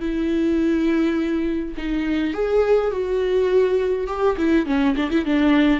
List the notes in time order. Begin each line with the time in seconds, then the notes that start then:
0.00 E4
1.77 D#4
2.34 G#4
2.91 F#4
4.08 G4
4.37 E4
4.66 C#4
4.96 D4
5.11 E4
5.25 D4